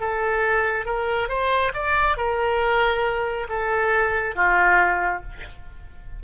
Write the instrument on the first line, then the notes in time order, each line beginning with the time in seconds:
oboe
0.00 A4
0.85 A#4
1.28 C5
1.74 D5
2.17 A#4
3.49 A4
4.35 F4